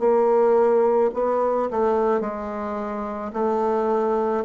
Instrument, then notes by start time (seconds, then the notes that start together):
bassoon
0.00 A#3
1.14 B3
1.71 A3
2.21 G#3
3.33 A3